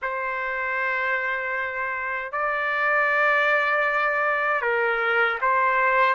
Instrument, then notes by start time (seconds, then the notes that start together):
trumpet
0.02 C5
2.32 D5
4.61 A#4
5.41 C5